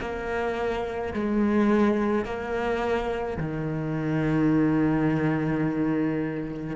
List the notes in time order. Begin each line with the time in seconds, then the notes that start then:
0.00 A#3
1.13 G#3
2.25 A#3
3.37 D#3